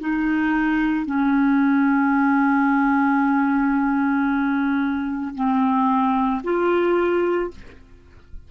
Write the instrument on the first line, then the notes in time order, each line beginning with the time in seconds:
clarinet
0.00 D#4
1.06 C#4
5.35 C4
6.44 F4